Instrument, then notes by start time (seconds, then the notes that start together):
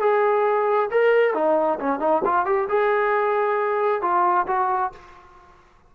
trombone
0.00 G#4
0.91 A#4
1.34 D#4
1.80 C#4
2.00 D#4
2.25 F4
2.46 G4
2.69 G#4
4.02 F4
4.47 F#4